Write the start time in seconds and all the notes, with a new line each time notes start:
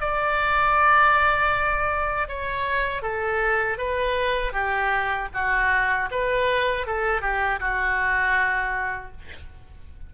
0.00 D5
2.28 C#5
3.02 A4
3.77 B4
4.52 G4
5.33 F#4
6.11 B4
6.86 A4
7.21 G4
7.59 F#4